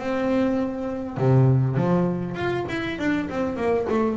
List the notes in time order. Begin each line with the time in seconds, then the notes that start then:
0.00 C4
1.18 C3
1.77 F3
2.35 F4
2.69 E4
2.99 D4
3.30 C4
3.57 A#3
3.90 A3